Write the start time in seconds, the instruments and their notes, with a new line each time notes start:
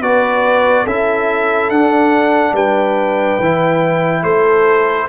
0.00 tuba B3, trombone F#4, horn B4, trumpet D5
0.83 tuba C#4, trombone E4, horn A4, trumpet E5
1.69 tuba D4, trombone D4, trumpet F#5
2.52 tuba G3, horn B4, trumpet G5
3.39 tuba E3, trombone E4
4.23 tuba A3, horn A4, trumpet C5